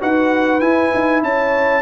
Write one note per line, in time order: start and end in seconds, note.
0.00 0.61 D#4
0.00 0.60 F#4
0.00 1.23 B4
0.00 0.60 F#5
0.60 1.82 E4
0.60 0.92 E4
0.60 1.21 G#5
0.94 1.22 D#4
1.22 1.82 C#4
1.22 1.82 C#5
1.22 1.82 A5